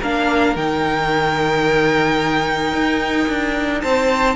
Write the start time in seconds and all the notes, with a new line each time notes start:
0.00 A#3 D4 A#4 F5
0.56 D#3 D#4 G5
2.73 D#4
3.29 D4
3.81 C4 C5 A5